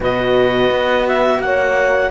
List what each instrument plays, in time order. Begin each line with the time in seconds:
0.00 cello B2 F#4, horn B4, clarinet D#5
0.70 cello B3
1.07 clarinet E5
1.39 cello A#3, horn C#5, clarinet F#5